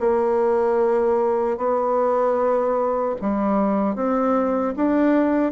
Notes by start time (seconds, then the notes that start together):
0.00 A#3
1.58 B3
3.22 G3
3.95 C4
4.77 D4